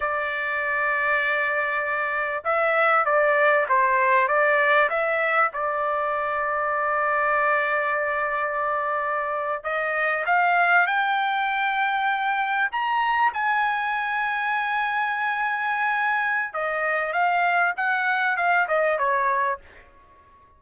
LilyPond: \new Staff \with { instrumentName = "trumpet" } { \time 4/4 \tempo 4 = 98 d''1 | e''4 d''4 c''4 d''4 | e''4 d''2.~ | d''2.~ d''8. dis''16~ |
dis''8. f''4 g''2~ g''16~ | g''8. ais''4 gis''2~ gis''16~ | gis''2. dis''4 | f''4 fis''4 f''8 dis''8 cis''4 | }